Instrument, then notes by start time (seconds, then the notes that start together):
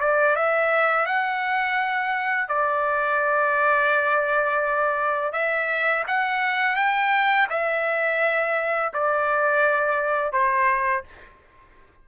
trumpet
0.00 D5
0.35 E5
1.05 F#5
2.48 D5
5.32 E5
6.07 F#5
6.76 G5
7.49 E5
8.93 D5
10.32 C5